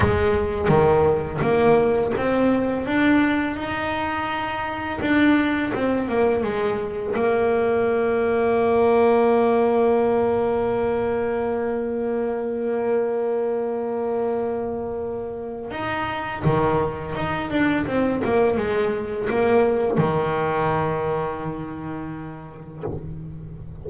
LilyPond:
\new Staff \with { instrumentName = "double bass" } { \time 4/4 \tempo 4 = 84 gis4 dis4 ais4 c'4 | d'4 dis'2 d'4 | c'8 ais8 gis4 ais2~ | ais1~ |
ais1~ | ais2 dis'4 dis4 | dis'8 d'8 c'8 ais8 gis4 ais4 | dis1 | }